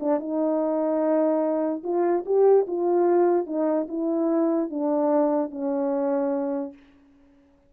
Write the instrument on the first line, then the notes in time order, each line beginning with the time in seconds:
horn
0.00 D4
0.20 D#4
1.83 F4
2.25 G4
2.67 F4
3.47 D#4
3.88 E4
4.70 D4
5.51 C#4